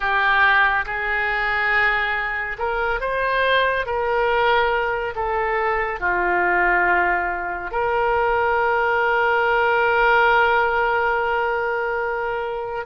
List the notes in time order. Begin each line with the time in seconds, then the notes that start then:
0.00 G4
0.85 G#4
2.58 A#4
3.00 C5
3.86 A#4
5.15 A4
6.00 F4
7.71 A#4